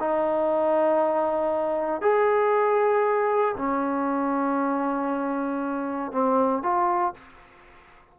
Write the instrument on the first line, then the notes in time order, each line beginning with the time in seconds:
trombone
0.00 D#4
2.02 G#4
3.58 C#4
6.12 C4
6.63 F4